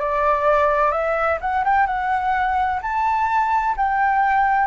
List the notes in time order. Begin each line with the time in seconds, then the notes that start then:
0.00 D5
0.92 E5
1.41 F#5
1.64 G5
1.87 F#5
2.82 A5
3.77 G5